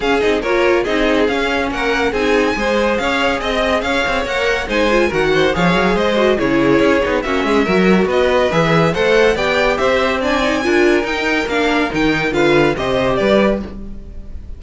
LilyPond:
<<
  \new Staff \with { instrumentName = "violin" } { \time 4/4 \tempo 4 = 141 f''8 dis''8 cis''4 dis''4 f''4 | fis''4 gis''2 f''4 | dis''4 f''4 fis''4 gis''4 | fis''4 f''4 dis''4 cis''4~ |
cis''4 e''2 dis''4 | e''4 fis''4 g''4 e''4 | gis''2 g''4 f''4 | g''4 f''4 dis''4 d''4 | }
  \new Staff \with { instrumentName = "violin" } { \time 4/4 gis'4 ais'4 gis'2 | ais'4 gis'4 c''4 cis''4 | dis''4 cis''2 c''4 | ais'8 c''8 cis''4 c''4 gis'4~ |
gis'4 fis'8 gis'8 ais'4 b'4~ | b'4 c''4 d''4 c''4 | d''4 ais'2.~ | ais'4 b'4 c''4 b'4 | }
  \new Staff \with { instrumentName = "viola" } { \time 4/4 cis'8 dis'8 f'4 dis'4 cis'4~ | cis'4 dis'4 gis'2~ | gis'2 ais'4 dis'8 f'8 | fis'4 gis'4. fis'8 e'4~ |
e'8 dis'8 cis'4 fis'2 | gis'4 a'4 g'2 | d'8 dis'8 f'4 dis'4 d'4 | dis'4 f'4 g'2 | }
  \new Staff \with { instrumentName = "cello" } { \time 4/4 cis'8 c'8 ais4 c'4 cis'4 | ais4 c'4 gis4 cis'4 | c'4 cis'8 c'8 ais4 gis4 | dis4 f8 fis8 gis4 cis4 |
cis'8 b8 ais8 gis8 fis4 b4 | e4 a4 b4 c'4~ | c'4 d'4 dis'4 ais4 | dis4 d4 c4 g4 | }
>>